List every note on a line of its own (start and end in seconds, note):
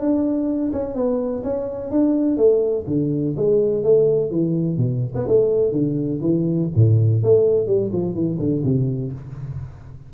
0.00 0.72 D4
0.73 0.95 C#4
0.95 1.43 B3
1.44 1.91 C#4
1.91 2.37 D4
2.37 2.85 A3
2.87 3.35 D3
3.36 3.84 G#3
3.84 4.31 A3
4.31 4.77 E3
4.77 5.13 B2
5.16 5.28 B3
5.28 5.72 A3
5.72 6.20 D3
6.22 6.70 E3
6.75 7.23 A2
7.23 7.67 A3
7.67 7.91 G3
7.93 8.14 F3
8.14 8.38 E3
8.39 8.63 D3
8.65 9.13 C3